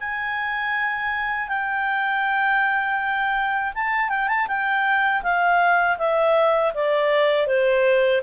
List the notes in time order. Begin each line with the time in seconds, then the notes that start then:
0.00 G#5
1.48 G5
3.74 A5
4.09 G5
4.28 A5
4.47 G5
5.23 F5
5.98 E5
6.74 D5
7.47 C5